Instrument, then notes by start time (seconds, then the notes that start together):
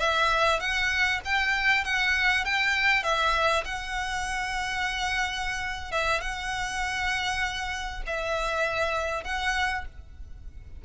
violin
0.00 E5
0.60 F#5
1.25 G5
1.85 F#5
2.45 G5
3.04 E5
3.65 F#5
5.92 E5
6.21 F#5
8.07 E5
9.25 F#5